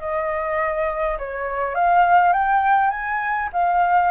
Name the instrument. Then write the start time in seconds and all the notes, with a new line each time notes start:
flute
0.00 D#5
1.18 C#5
1.75 F5
2.33 G5
2.90 G#5
3.53 F5